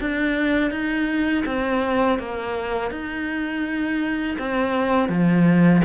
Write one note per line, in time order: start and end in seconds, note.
0.00 0.70 D4
0.70 1.43 D#4
1.45 2.19 C4
2.19 2.90 A#3
2.90 4.37 D#4
4.38 5.08 C4
5.08 5.81 F3